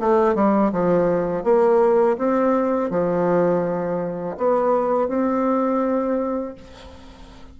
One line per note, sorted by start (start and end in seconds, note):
0.00 0.35 A3
0.35 0.72 G3
0.72 1.44 F3
1.44 2.17 A#3
2.18 2.90 C4
2.90 4.36 F3
4.37 5.08 B3
5.08 6.55 C4